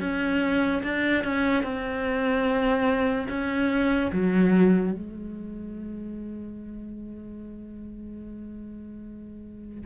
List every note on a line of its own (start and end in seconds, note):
0.00 0.82 C#4
0.83 1.24 D4
1.24 1.63 C#4
1.63 3.28 C4
3.28 4.11 C#4
4.12 4.92 F#3
4.92 9.86 G#3